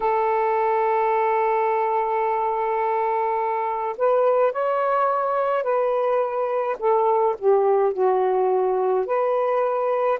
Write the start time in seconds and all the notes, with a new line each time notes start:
0.00 A4
3.97 B4
4.52 C#5
5.63 B4
6.79 A4
7.38 G4
7.93 F#4
9.06 B4